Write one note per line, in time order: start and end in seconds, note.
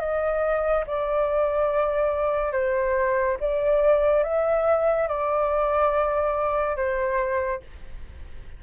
0.00 0.85 D#5
0.87 2.52 D5
2.52 3.37 C5
3.40 4.24 D5
4.24 5.08 E5
5.08 6.76 D5
6.76 7.61 C5